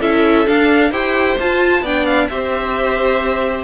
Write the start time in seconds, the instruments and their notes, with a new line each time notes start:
0.00 cello C#4, viola E4, violin A4 E5
0.46 viola D4, cello D4, violin F5
0.90 cello E4, viola G4, violin C5 G5
1.39 viola F4, cello F4, violin A5
1.81 cello B3, viola D4, violin D5 G5
2.05 violin F5
2.28 cello C4, viola G4, violin C5 E5